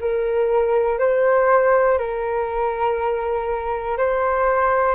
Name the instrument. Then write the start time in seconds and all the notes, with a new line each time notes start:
flute
0.00 A#4
0.99 C5
1.98 A#4
3.97 C5